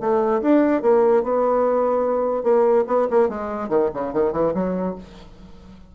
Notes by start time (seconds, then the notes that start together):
0.00 A3
0.42 D4
0.82 A#3
1.23 B3
2.43 A#3
2.87 B3
3.11 A#3
3.29 G#3
3.69 D#3
3.94 C#3
4.13 D#3
4.33 E3
4.54 F#3